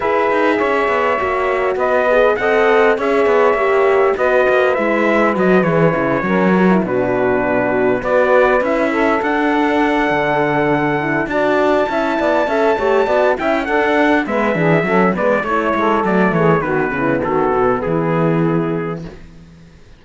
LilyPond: <<
  \new Staff \with { instrumentName = "trumpet" } { \time 4/4 \tempo 4 = 101 e''2. dis''4 | fis''4 e''2 dis''4 | e''4 dis''8 cis''2 b'8~ | b'4. d''4 e''4 fis''8~ |
fis''2. a''4~ | a''2~ a''8 g''8 fis''4 | e''4. d''8 cis''4 d''8 cis''8 | b'4 a'4 gis'2 | }
  \new Staff \with { instrumentName = "saxophone" } { \time 4/4 b'4 cis''2 b'4 | dis''4 cis''2 b'4~ | b'2~ b'8 ais'4 fis'8~ | fis'4. b'4. a'4~ |
a'2. d''4 | e''8 d''8 e''8 cis''8 d''8 e''8 a'4 | b'8 gis'8 a'8 b'8 cis''8 a'4 gis'8 | fis'8 e'8 fis'4 e'2 | }
  \new Staff \with { instrumentName = "horn" } { \time 4/4 gis'2 fis'4. gis'8 | a'4 gis'4 g'4 fis'4 | e'4 fis'8 gis'8 e'8 cis'8 fis'16 e'16 d'8~ | d'4. fis'4 e'4 d'8~ |
d'2~ d'8 e'8 fis'4 | e'4 a'8 g'8 fis'8 e'8 d'4 | b8 d'8 cis'8 b8 e'4 a4 | b1 | }
  \new Staff \with { instrumentName = "cello" } { \time 4/4 e'8 dis'8 cis'8 b8 ais4 b4 | c'4 cis'8 b8 ais4 b8 ais8 | gis4 fis8 e8 cis8 fis4 b,8~ | b,4. b4 cis'4 d'8~ |
d'4 d2 d'4 | cis'8 b8 cis'8 a8 b8 cis'8 d'4 | gis8 e8 fis8 gis8 a8 gis8 fis8 e8 | dis8 cis8 dis8 b,8 e2 | }
>>